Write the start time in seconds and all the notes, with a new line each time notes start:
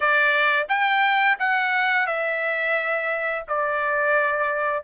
0.00 D5
0.68 G5
1.39 F#5
2.06 E5
3.48 D5